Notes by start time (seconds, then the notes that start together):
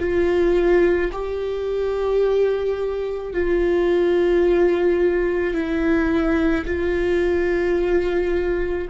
0.00 F4
1.13 G4
3.34 F4
5.55 E4
6.66 F4